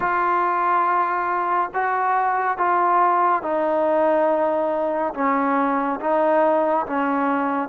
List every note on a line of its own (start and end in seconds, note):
0.00 1.70 F4
1.74 2.57 F#4
2.57 3.42 F4
3.42 5.14 D#4
5.14 5.99 C#4
6.00 6.86 D#4
6.86 7.68 C#4